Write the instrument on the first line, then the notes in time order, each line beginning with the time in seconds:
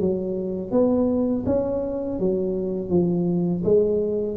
tuba
0.00 F#3
0.71 B3
1.46 C#4
2.19 F#3
2.89 F3
3.64 G#3